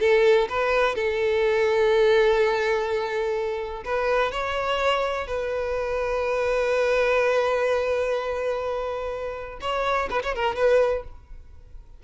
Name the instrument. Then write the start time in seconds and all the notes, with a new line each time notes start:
violin
0.00 A4
0.49 B4
0.95 A4
3.85 B4
4.32 C#5
5.27 B4
9.61 C#5
10.10 B4
10.23 C#5
10.35 A#4
10.56 B4